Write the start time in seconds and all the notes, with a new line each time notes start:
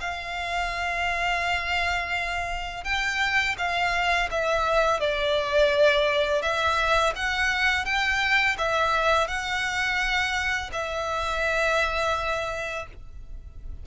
0.00 F5
2.84 G5
3.57 F5
4.31 E5
5.00 D5
6.42 E5
7.15 F#5
7.85 G5
8.57 E5
9.27 F#5
10.72 E5